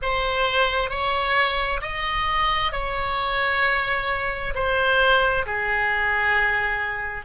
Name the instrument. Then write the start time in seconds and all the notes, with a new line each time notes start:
oboe
0.02 C5
0.90 C#5
1.81 D#5
2.72 C#5
4.55 C5
5.45 G#4